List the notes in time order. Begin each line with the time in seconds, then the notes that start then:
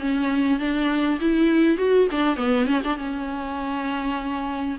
0.00 C#4
0.59 D4
1.21 E4
1.78 F#4
2.11 D4
2.37 B3
2.67 C#4
2.84 D4
2.97 C#4